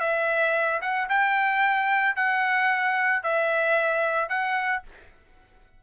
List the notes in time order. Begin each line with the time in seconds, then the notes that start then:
0.00 E5
0.81 F#5
1.09 G5
2.16 F#5
3.23 E5
4.29 F#5